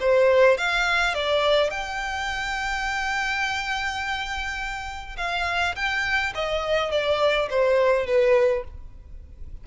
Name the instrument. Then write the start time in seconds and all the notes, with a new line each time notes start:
violin
0.00 C5
0.57 F5
1.14 D5
1.70 G5
5.17 F5
5.75 G5
6.34 D#5
6.91 D5
7.50 C5
8.06 B4